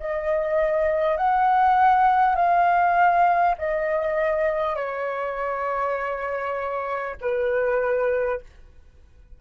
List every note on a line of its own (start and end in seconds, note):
0.00 1.17 D#5
1.17 2.36 F#5
2.36 3.56 F5
3.59 4.76 D#5
4.76 7.16 C#5
7.21 8.41 B4